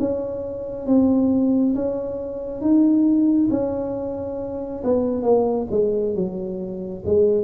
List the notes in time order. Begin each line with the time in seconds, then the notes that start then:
0.00 C#4
0.87 C4
1.75 C#4
2.61 D#4
3.51 C#4
4.84 B3
5.23 A#3
5.71 G#3
6.15 F#3
7.06 G#3